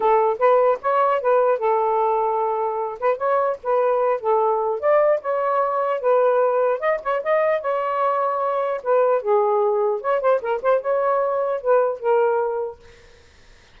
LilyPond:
\new Staff \with { instrumentName = "saxophone" } { \time 4/4 \tempo 4 = 150 a'4 b'4 cis''4 b'4 | a'2.~ a'8 b'8 | cis''4 b'4. a'4. | d''4 cis''2 b'4~ |
b'4 dis''8 cis''8 dis''4 cis''4~ | cis''2 b'4 gis'4~ | gis'4 cis''8 c''8 ais'8 c''8 cis''4~ | cis''4 b'4 ais'2 | }